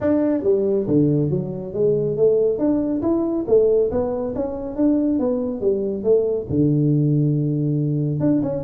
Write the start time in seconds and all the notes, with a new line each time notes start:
0.00 D4
0.43 G3
0.87 D3
1.30 F#3
1.73 G#3
2.16 A3
2.58 D4
3.02 E4
3.47 A3
3.91 B3
4.35 C#4
4.76 D4
5.19 B3
5.60 G3
6.03 A3
6.49 D3
8.19 D4
8.42 C#4